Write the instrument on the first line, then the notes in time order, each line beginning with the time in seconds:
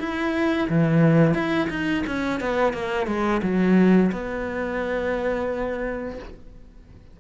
cello
0.00 E4
0.70 E3
1.34 E4
1.70 D#4
2.07 C#4
2.41 B3
2.74 A#3
3.07 G#3
3.43 F#3
4.13 B3